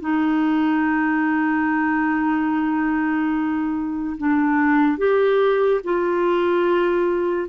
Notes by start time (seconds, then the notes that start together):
0.00 D#4
4.17 D4
4.98 G4
5.84 F4